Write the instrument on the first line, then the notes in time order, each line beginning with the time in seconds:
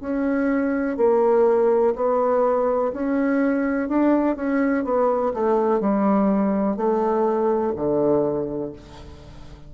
bassoon
0.00 C#4
0.97 A#3
1.95 B3
2.93 C#4
3.88 D4
4.35 C#4
4.84 B3
5.33 A3
5.80 G3
6.76 A3
7.76 D3